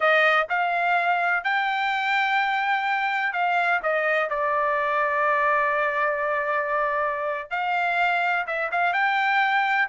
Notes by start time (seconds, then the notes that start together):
0.00 D#5
0.49 F5
1.44 G5
3.32 F5
3.82 D#5
4.29 D5
7.50 F5
8.46 E5
8.71 F5
8.93 G5